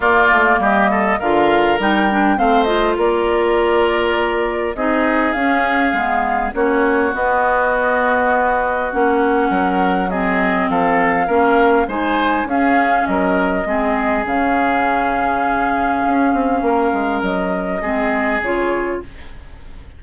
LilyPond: <<
  \new Staff \with { instrumentName = "flute" } { \time 4/4 \tempo 4 = 101 d''4 dis''4 f''4 g''4 | f''8 dis''8 d''2. | dis''4 f''2 cis''4 | dis''2. fis''4~ |
fis''4 dis''4 f''2 | gis''4 f''4 dis''2 | f''1~ | f''4 dis''2 cis''4 | }
  \new Staff \with { instrumentName = "oboe" } { \time 4/4 f'4 g'8 a'8 ais'2 | c''4 ais'2. | gis'2. fis'4~ | fis'1 |
ais'4 gis'4 a'4 ais'4 | c''4 gis'4 ais'4 gis'4~ | gis'1 | ais'2 gis'2 | }
  \new Staff \with { instrumentName = "clarinet" } { \time 4/4 ais2 f'4 dis'8 d'8 | c'8 f'2.~ f'8 | dis'4 cis'4 b4 cis'4 | b2. cis'4~ |
cis'4 c'2 cis'4 | dis'4 cis'2 c'4 | cis'1~ | cis'2 c'4 f'4 | }
  \new Staff \with { instrumentName = "bassoon" } { \time 4/4 ais8 a8 g4 d4 g4 | a4 ais2. | c'4 cis'4 gis4 ais4 | b2. ais4 |
fis2 f4 ais4 | gis4 cis'4 fis4 gis4 | cis2. cis'8 c'8 | ais8 gis8 fis4 gis4 cis4 | }
>>